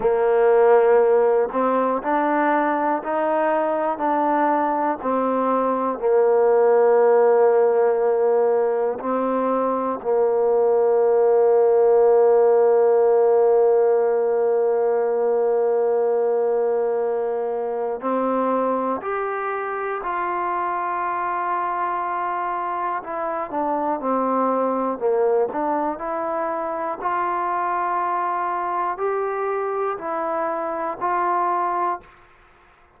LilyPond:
\new Staff \with { instrumentName = "trombone" } { \time 4/4 \tempo 4 = 60 ais4. c'8 d'4 dis'4 | d'4 c'4 ais2~ | ais4 c'4 ais2~ | ais1~ |
ais2 c'4 g'4 | f'2. e'8 d'8 | c'4 ais8 d'8 e'4 f'4~ | f'4 g'4 e'4 f'4 | }